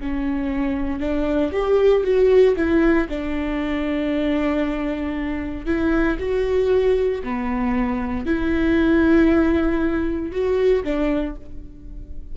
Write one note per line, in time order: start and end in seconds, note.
0.00 1.00 C#4
1.00 1.52 D4
1.53 2.04 G4
2.04 2.56 F#4
2.56 3.08 E4
3.09 5.66 D4
5.66 6.18 E4
6.19 7.23 F#4
7.24 8.26 B3
8.26 10.32 E4
10.32 10.84 F#4
10.84 11.36 D4